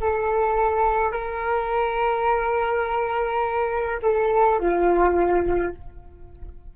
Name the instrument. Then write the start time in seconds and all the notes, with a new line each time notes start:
flute
0.00 A4
1.12 A#4
4.02 A4
4.59 F4